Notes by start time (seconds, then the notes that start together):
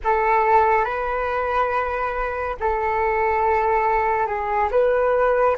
0.04 A4
0.84 B4
2.59 A4
4.26 G#4
4.71 B4